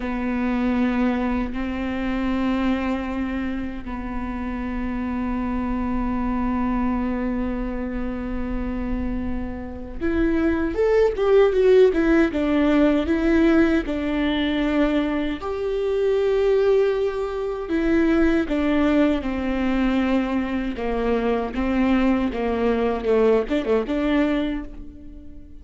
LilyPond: \new Staff \with { instrumentName = "viola" } { \time 4/4 \tempo 4 = 78 b2 c'2~ | c'4 b2.~ | b1~ | b4 e'4 a'8 g'8 fis'8 e'8 |
d'4 e'4 d'2 | g'2. e'4 | d'4 c'2 ais4 | c'4 ais4 a8 d'16 a16 d'4 | }